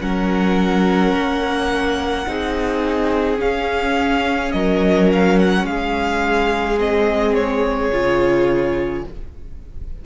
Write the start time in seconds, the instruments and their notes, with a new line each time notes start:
0.00 cello F#3, viola C#4, violin A#4 F#5
1.13 cello A#3
2.26 cello C4, viola D#4, violin G#4
3.37 viola C#4, cello C#4, violin F5
4.51 cello F#3, violin A#4 D#5
5.12 violin F5
5.38 violin F#5
5.63 cello G#3, violin G#4 F5
6.78 viola C4, violin D#5
7.34 violin C#5
7.91 cello C#3, viola F4